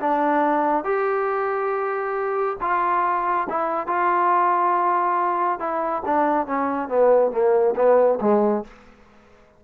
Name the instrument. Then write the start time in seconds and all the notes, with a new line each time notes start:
trombone
0.00 D4
0.84 G4
2.61 F4
3.49 E4
3.87 F4
5.59 E4
6.05 D4
6.46 C#4
6.88 B3
7.31 A#3
7.75 B3
8.21 G#3